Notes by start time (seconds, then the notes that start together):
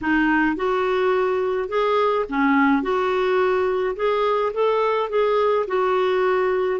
0.01 D#4
0.55 F#4
1.68 G#4
2.29 C#4
2.82 F#4
3.95 G#4
4.53 A4
5.09 G#4
5.67 F#4